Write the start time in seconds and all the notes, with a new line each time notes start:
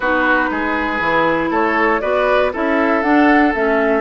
0.00 B3 D#4 F#4 B4
0.50 G#3 G#4
1.00 E3 E4
1.50 A3 A4 C#5
2.00 B3 F#4 B4 D5
2.52 C#4 E4 A4 E5
3.02 D4 F#5
3.54 A3 C#4 E5